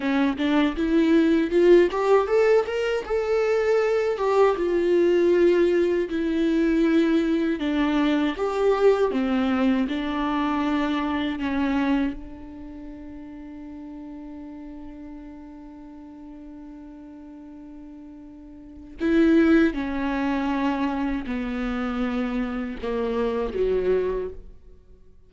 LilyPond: \new Staff \with { instrumentName = "viola" } { \time 4/4 \tempo 4 = 79 cis'8 d'8 e'4 f'8 g'8 a'8 ais'8 | a'4. g'8 f'2 | e'2 d'4 g'4 | c'4 d'2 cis'4 |
d'1~ | d'1~ | d'4 e'4 cis'2 | b2 ais4 fis4 | }